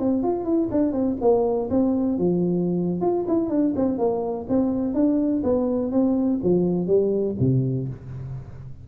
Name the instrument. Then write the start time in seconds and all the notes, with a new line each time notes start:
tuba
0.00 C4
0.24 F4
0.45 E4
0.72 D4
0.93 C4
1.22 A#3
1.71 C4
2.19 F3
3.02 F4
3.28 E4
3.50 D4
3.76 C4
3.99 A#3
4.49 C4
4.95 D4
5.44 B3
5.92 C4
6.44 F3
6.88 G3
7.40 C3